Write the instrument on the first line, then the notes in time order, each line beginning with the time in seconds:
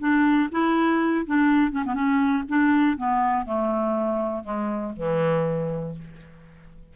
clarinet
0.00 D4
0.52 E4
1.26 D4
1.72 C#4
1.85 B3
1.94 C#4
2.49 D4
2.97 B3
3.46 A3
4.44 G#3
4.96 E3